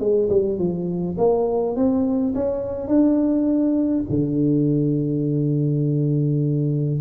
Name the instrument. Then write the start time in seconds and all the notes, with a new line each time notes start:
tuba
0.00 G#3
0.30 G3
0.59 F3
1.18 A#3
1.76 C4
2.35 C#4
2.88 D4
4.10 D3